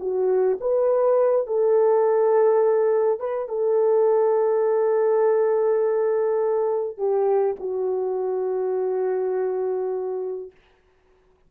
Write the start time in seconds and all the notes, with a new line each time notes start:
0.00 F#4
0.61 B4
1.47 A4
3.20 B4
3.48 A4
6.98 G4
7.60 F#4